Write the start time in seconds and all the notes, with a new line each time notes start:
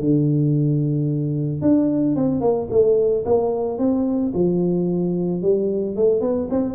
0.00 D3
1.62 D4
2.16 C4
2.41 A#3
2.71 A3
3.26 A#3
3.78 C4
4.34 F3
5.42 G3
5.96 A3
6.21 B3
6.51 C4